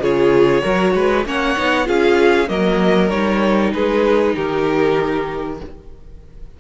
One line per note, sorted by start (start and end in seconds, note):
0.00 0.62 C#3
0.00 0.62 F4
0.00 0.63 G#4
0.00 1.27 C#5
0.62 0.95 F#3
0.62 1.24 F#4
0.62 0.94 A#4
0.95 1.26 G#3
0.95 1.27 B4
1.26 1.56 A#3
1.26 1.56 C#4
1.26 1.88 C#5
1.26 1.89 F#5
1.58 1.88 B3
1.58 1.85 D#4
1.85 2.49 C#4
1.85 2.47 F4
1.85 2.50 G#4
1.85 2.49 F5
2.48 3.11 F#3
2.48 3.10 A#3
2.48 3.74 A#4
2.48 3.10 D#5
3.10 3.73 G3
3.10 5.58 D#4
3.10 3.72 C#5
3.73 4.35 G#3
3.73 4.36 G#4
3.73 4.36 B4
4.36 5.60 D#3
4.36 5.59 G4
4.36 5.60 A#4